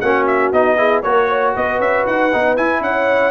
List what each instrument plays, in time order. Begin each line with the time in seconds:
0.00 tuba A#3, trombone C#4, horn F#4, trumpet F#5
0.27 trumpet E5
0.52 tuba B3, trombone D#4, trumpet D#5
0.77 trombone E4, horn G#4
1.02 tuba A#3, trombone F#4, horn A#4, trumpet C#5
1.29 horn C#5
1.55 tuba B3, horn B4, trumpet D#5
1.79 tuba C#4, trumpet E5
2.06 tuba D#4, trumpet F#5
2.32 tuba B3, trombone D#4
2.57 tuba E4, trombone E4, trumpet G#5
2.81 tuba C#4, horn C#5, trumpet F#5